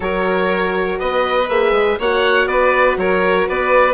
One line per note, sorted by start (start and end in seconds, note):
0.00 0.99 F#3
0.00 1.45 F#4
0.00 0.98 A#4
0.00 0.99 C#5
0.98 1.49 B3
0.98 1.98 B4
0.98 1.48 D#5
1.48 1.71 A#3
1.48 1.99 G#4
1.48 1.98 E5
1.71 1.96 G#3
1.98 2.46 A#3
1.98 3.94 F#4
1.98 2.48 C#5
1.98 2.47 F#5
2.46 2.96 B3
2.46 2.97 B4
2.46 2.96 D5
2.97 3.46 F#3
2.97 3.48 A#4
2.97 3.48 C#5
3.48 3.94 B3
3.48 3.94 B4
3.48 3.94 D5